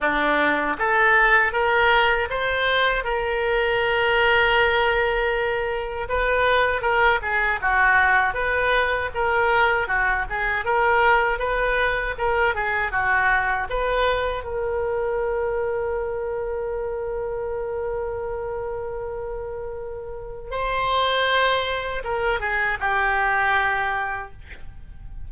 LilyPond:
\new Staff \with { instrumentName = "oboe" } { \time 4/4 \tempo 4 = 79 d'4 a'4 ais'4 c''4 | ais'1 | b'4 ais'8 gis'8 fis'4 b'4 | ais'4 fis'8 gis'8 ais'4 b'4 |
ais'8 gis'8 fis'4 b'4 ais'4~ | ais'1~ | ais'2. c''4~ | c''4 ais'8 gis'8 g'2 | }